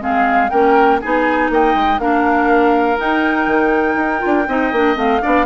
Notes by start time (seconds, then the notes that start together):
0.00 G#3 C4 G#4 F5
0.49 A#3 C#4 A#4 G5
1.00 B3 D#4 G#4 G#5
1.49 A#3 D#5 G5
1.75 G#3
1.99 A#3 D4 A#4 F5
2.97 D#4 G5
3.47 D#3
3.95 D#4
4.19 F4
4.25 D4
4.47 C4 D#4 D#5
4.72 A#3 D4
4.95 A3 C4 F5
5.21 B3 D4 D5